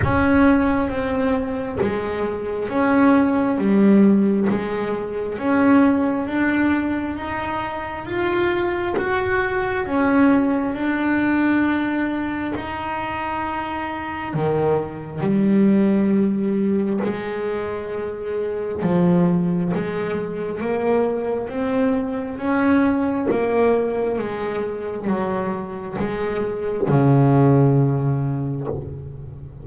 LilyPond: \new Staff \with { instrumentName = "double bass" } { \time 4/4 \tempo 4 = 67 cis'4 c'4 gis4 cis'4 | g4 gis4 cis'4 d'4 | dis'4 f'4 fis'4 cis'4 | d'2 dis'2 |
dis4 g2 gis4~ | gis4 f4 gis4 ais4 | c'4 cis'4 ais4 gis4 | fis4 gis4 cis2 | }